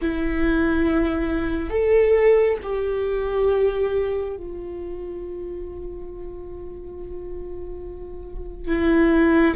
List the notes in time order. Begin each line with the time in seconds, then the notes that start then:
0.01 E4
1.70 A4
2.62 G4
4.36 F4
8.68 E4